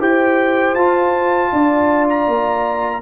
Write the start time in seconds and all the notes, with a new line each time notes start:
0.00 E4 G4 C5 G5
0.75 F4 A5
1.53 D4 D5
2.09 A#5
2.28 A#3